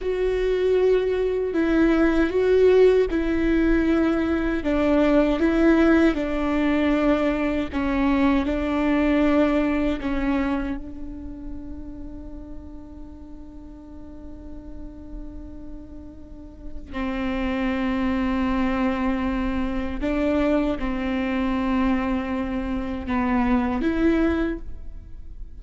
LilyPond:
\new Staff \with { instrumentName = "viola" } { \time 4/4 \tempo 4 = 78 fis'2 e'4 fis'4 | e'2 d'4 e'4 | d'2 cis'4 d'4~ | d'4 cis'4 d'2~ |
d'1~ | d'2 c'2~ | c'2 d'4 c'4~ | c'2 b4 e'4 | }